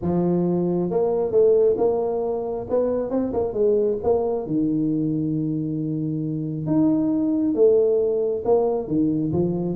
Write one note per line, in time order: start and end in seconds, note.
0.01 0.90 F3
0.90 1.31 A#3
1.31 1.76 A3
1.77 2.66 A#3
2.69 3.10 B3
3.10 3.32 C4
3.33 3.53 A#3
3.53 3.97 G#3
4.03 4.46 A#3
4.46 6.66 D#3
6.66 7.54 D#4
7.54 8.43 A3
8.44 8.87 A#3
8.87 9.32 D#3
9.32 9.76 F3